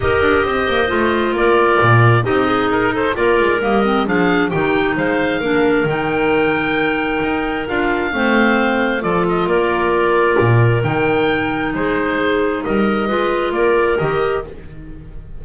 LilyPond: <<
  \new Staff \with { instrumentName = "oboe" } { \time 4/4 \tempo 4 = 133 dis''2. d''4~ | d''4 dis''4 ais'8 c''8 d''4 | dis''4 f''4 g''4 f''4~ | f''4 g''2.~ |
g''4 f''2. | d''8 dis''8 d''2. | g''2 c''2 | dis''2 d''4 dis''4 | }
  \new Staff \with { instrumentName = "clarinet" } { \time 4/4 ais'4 c''2 ais'4~ | ais'4 g'8 gis'4 a'8 ais'4~ | ais'4 gis'4 g'4 c''4 | ais'1~ |
ais'2 c''2 | a'4 ais'2.~ | ais'2 gis'2 | ais'4 b'4 ais'2 | }
  \new Staff \with { instrumentName = "clarinet" } { \time 4/4 g'2 f'2~ | f'4 dis'2 f'4 | ais8 c'8 d'4 dis'2 | d'4 dis'2.~ |
dis'4 f'4 c'2 | f'1 | dis'1~ | dis'4 f'2 g'4 | }
  \new Staff \with { instrumentName = "double bass" } { \time 4/4 dis'8 d'8 c'8 ais8 a4 ais4 | ais,4 c'4 dis'4 ais8 gis8 | g4 f4 dis4 gis4 | ais4 dis2. |
dis'4 d'4 a2 | f4 ais2 ais,4 | dis2 gis2 | g4 gis4 ais4 dis4 | }
>>